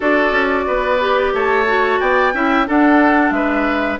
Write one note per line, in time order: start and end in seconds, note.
0.00 0.31 D4
0.00 0.98 F#4
0.00 0.64 A4
0.00 1.34 D5
0.31 0.64 C#4
0.67 1.33 B3
0.67 1.33 B4
1.00 1.66 G4
1.33 2.00 A3
1.33 2.00 C#5
1.33 2.00 A5
1.66 2.33 F#4
2.00 2.33 B3
2.00 2.33 D5
2.00 2.67 G5
2.33 2.67 C#4
2.33 2.65 E4
2.33 2.67 E5
2.65 3.99 D4
2.65 3.31 D4
2.65 3.34 A4
2.65 3.30 F#5
3.30 3.97 G#3
3.30 3.99 B4
3.30 3.97 E5